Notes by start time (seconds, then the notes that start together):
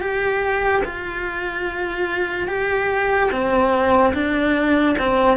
0.00 G4
0.84 F4
2.47 G4
3.31 C4
4.13 D4
4.98 C4